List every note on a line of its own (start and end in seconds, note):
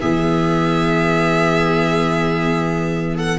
0.00 3.39 E3
0.00 3.39 B3
0.00 3.15 G#4
0.00 3.17 E5
3.15 3.39 A4
3.15 3.39 F#5